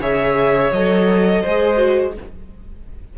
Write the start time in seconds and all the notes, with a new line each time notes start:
0.00 C#3 G#4 C#5 E5
0.72 F#3 A4 D#5
1.42 G#3 G#4 C5
1.77 F#4